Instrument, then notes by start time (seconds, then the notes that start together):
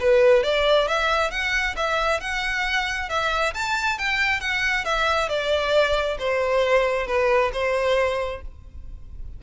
violin
0.00 B4
0.43 D5
0.88 E5
1.31 F#5
1.76 E5
2.20 F#5
3.09 E5
3.54 A5
3.98 G5
4.41 F#5
4.85 E5
5.29 D5
6.19 C5
7.07 B4
7.53 C5